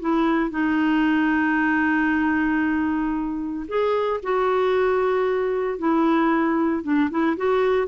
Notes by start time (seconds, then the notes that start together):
0.00 E4
0.51 D#4
3.68 G#4
4.23 F#4
5.78 E4
6.83 D4
7.11 E4
7.37 F#4